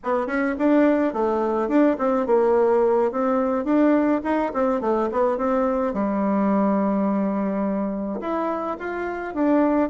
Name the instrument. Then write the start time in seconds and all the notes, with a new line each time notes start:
bassoon
0.03 B3
0.27 C#4
0.58 D4
1.13 A3
1.68 D4
1.98 C4
2.26 A#3
3.11 C4
3.64 D4
4.23 D#4
4.53 C4
4.80 A3
5.11 B3
5.37 C4
5.93 G3
8.20 E4
8.79 F4
9.34 D4